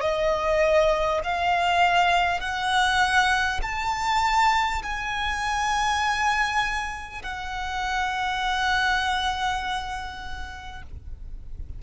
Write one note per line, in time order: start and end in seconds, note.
0.00 1.20 D#5
1.23 2.40 F5
2.40 3.60 F#5
3.62 4.82 A5
4.82 7.22 G#5
7.22 10.82 F#5